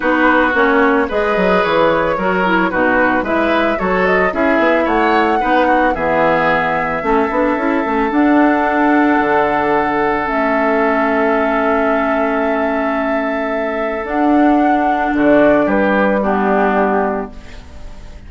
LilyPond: <<
  \new Staff \with { instrumentName = "flute" } { \time 4/4 \tempo 4 = 111 b'4 cis''4 dis''4 cis''4~ | cis''4 b'4 e''4 cis''8 dis''8 | e''4 fis''2 e''4~ | e''2. fis''4~ |
fis''2. e''4~ | e''1~ | e''2 fis''2 | d''4 b'4 g'2 | }
  \new Staff \with { instrumentName = "oboe" } { \time 4/4 fis'2 b'2 | ais'4 fis'4 b'4 a'4 | gis'4 cis''4 b'8 fis'8 gis'4~ | gis'4 a'2.~ |
a'1~ | a'1~ | a'1 | fis'4 g'4 d'2 | }
  \new Staff \with { instrumentName = "clarinet" } { \time 4/4 dis'4 cis'4 gis'2 | fis'8 e'8 dis'4 e'4 fis'4 | e'2 dis'4 b4~ | b4 cis'8 d'8 e'8 cis'8 d'4~ |
d'2. cis'4~ | cis'1~ | cis'2 d'2~ | d'2 b2 | }
  \new Staff \with { instrumentName = "bassoon" } { \time 4/4 b4 ais4 gis8 fis8 e4 | fis4 b,4 gis4 fis4 | cis'8 b8 a4 b4 e4~ | e4 a8 b8 cis'8 a8 d'4~ |
d'4 d2 a4~ | a1~ | a2 d'2 | d4 g2. | }
>>